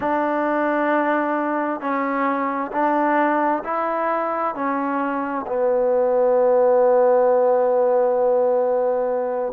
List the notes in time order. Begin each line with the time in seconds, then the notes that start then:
0.00 D4
1.80 C#4
2.71 D4
3.64 E4
4.55 C#4
5.47 B3